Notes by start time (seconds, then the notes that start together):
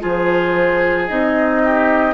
0.00 F3 F4 G#4 C5
1.07 C4 D#4 D#5
1.64 G4